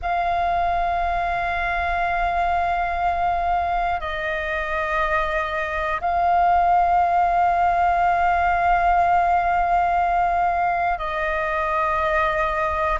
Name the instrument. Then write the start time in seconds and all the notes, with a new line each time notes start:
flute
0.02 F5
4.00 D#5
6.00 F5
10.98 D#5